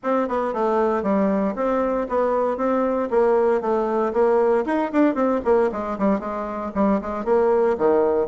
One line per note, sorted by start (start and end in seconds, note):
0.03 0.28 C4
0.28 0.53 B3
0.53 1.02 A3
1.02 1.54 G3
1.55 2.07 C4
2.08 2.57 B3
2.57 3.09 C4
3.10 3.61 A#3
3.61 4.12 A3
4.13 4.64 A#3
4.65 4.91 D#4
4.92 5.14 D4
5.14 5.40 C4
5.44 5.70 A#3
5.72 5.97 G#3
5.98 6.19 G3
6.19 6.71 G#3
6.75 7.00 G3
7.01 7.25 G#3
7.25 7.76 A#3
7.78 8.27 D#3